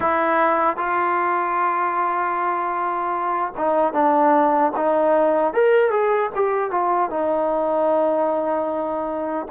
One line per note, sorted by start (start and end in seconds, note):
0.00 0.76 E4
0.76 3.53 F4
3.57 3.93 D#4
3.93 4.72 D4
4.76 5.53 D#4
5.53 5.90 A#4
5.90 6.30 G#4
6.35 6.70 G4
6.70 7.09 F4
7.09 9.46 D#4